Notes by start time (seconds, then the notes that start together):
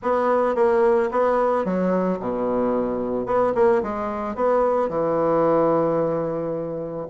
0.02 B3
0.55 A#3
1.11 B3
1.64 F#3
2.19 B2
3.26 B3
3.55 A#3
3.82 G#3
4.35 B3
4.88 E3